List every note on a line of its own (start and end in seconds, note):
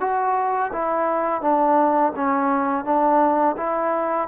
0.00 0.71 F#4
0.72 1.41 E4
1.41 2.13 D4
2.16 2.84 C#4
2.84 3.56 D4
3.57 4.28 E4